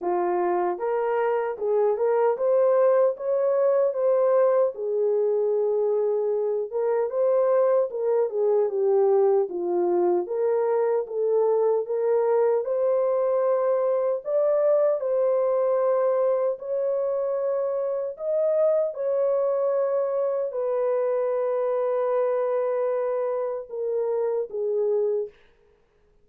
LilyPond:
\new Staff \with { instrumentName = "horn" } { \time 4/4 \tempo 4 = 76 f'4 ais'4 gis'8 ais'8 c''4 | cis''4 c''4 gis'2~ | gis'8 ais'8 c''4 ais'8 gis'8 g'4 | f'4 ais'4 a'4 ais'4 |
c''2 d''4 c''4~ | c''4 cis''2 dis''4 | cis''2 b'2~ | b'2 ais'4 gis'4 | }